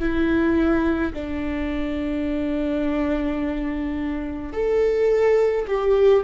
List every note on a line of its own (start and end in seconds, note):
0.00 1.13 E4
1.14 4.53 D4
4.53 5.67 A4
5.68 6.24 G4